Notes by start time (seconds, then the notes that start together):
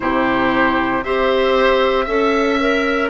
0.00 C3 E4 G4 C5
1.03 C4 G4 C5 E5
2.05 C#4 A4 E5
2.59 A#4